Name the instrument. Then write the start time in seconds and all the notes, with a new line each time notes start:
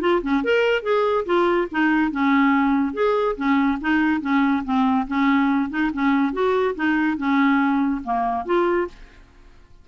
clarinet
0.00 F4
0.22 C#4
0.44 A#4
0.82 G#4
1.25 F4
1.71 D#4
2.11 C#4
2.93 G#4
3.36 C#4
3.81 D#4
4.21 C#4
4.64 C4
5.07 C#4
5.69 D#4
5.93 C#4
6.32 F#4
6.75 D#4
7.17 C#4
8.04 A#3
8.45 F4